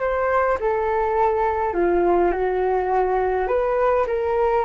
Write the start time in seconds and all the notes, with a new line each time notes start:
0.00 C5
0.60 A4
1.74 F4
2.32 F#4
3.48 B4
4.07 A#4